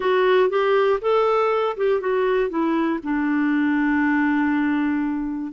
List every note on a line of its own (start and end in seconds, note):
0.00 0.49 F#4
0.49 0.99 G4
1.01 1.76 A4
1.76 2.00 G4
2.00 2.49 F#4
2.49 2.99 E4
3.02 5.52 D4